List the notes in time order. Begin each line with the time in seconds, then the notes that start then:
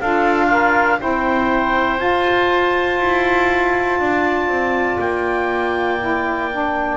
0.00 D4 F4 A4 F5
0.46 F4 A#4
0.98 C4 E4 C5 G5
1.98 F4 A5
2.99 E4
3.99 D4 D5
4.48 C4
4.99 A#3 G5
6.00 E4
6.52 D4